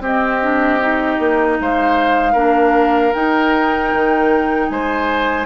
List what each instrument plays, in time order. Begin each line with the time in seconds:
0.00 bassoon C4, clarinet C4, oboe G4, flute D#5
0.41 clarinet D4
0.81 clarinet D#4
1.20 bassoon A#3
1.60 bassoon G#3, oboe C5, flute F5
2.32 bassoon A#3, clarinet D4, oboe A#4
3.13 clarinet D#4, bassoon D#4, flute G5
3.94 bassoon D#3
4.69 bassoon G#3, oboe C5, flute G#5